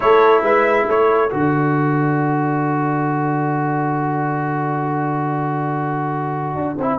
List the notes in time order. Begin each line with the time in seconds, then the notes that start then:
0.00 A3 E4 A4 C#5
0.42 G#3 B4 E5
0.87 A3 A4 C#5
1.29 D3 F#4 D5
6.54 D4
6.77 C4 E4